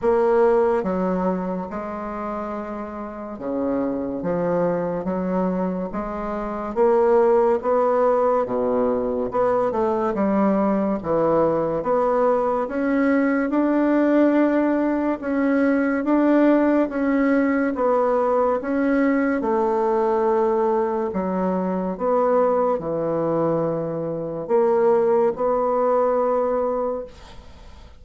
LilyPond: \new Staff \with { instrumentName = "bassoon" } { \time 4/4 \tempo 4 = 71 ais4 fis4 gis2 | cis4 f4 fis4 gis4 | ais4 b4 b,4 b8 a8 | g4 e4 b4 cis'4 |
d'2 cis'4 d'4 | cis'4 b4 cis'4 a4~ | a4 fis4 b4 e4~ | e4 ais4 b2 | }